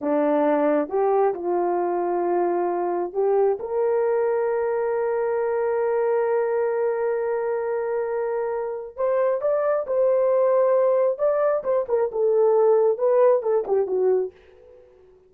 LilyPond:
\new Staff \with { instrumentName = "horn" } { \time 4/4 \tempo 4 = 134 d'2 g'4 f'4~ | f'2. g'4 | ais'1~ | ais'1~ |
ais'1 | c''4 d''4 c''2~ | c''4 d''4 c''8 ais'8 a'4~ | a'4 b'4 a'8 g'8 fis'4 | }